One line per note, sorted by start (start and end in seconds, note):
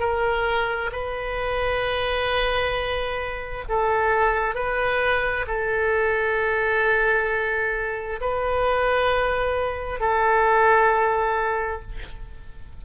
0.00 0.91 A#4
0.92 3.65 B4
3.69 4.55 A4
4.55 5.46 B4
5.48 8.20 A4
8.21 10.00 B4
10.00 11.82 A4